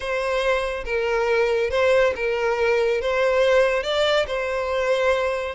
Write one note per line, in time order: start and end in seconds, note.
0.00 0.84 C5
0.85 1.70 A#4
1.70 2.13 C5
2.15 3.01 A#4
3.01 3.83 C5
3.83 4.26 D5
4.27 5.55 C5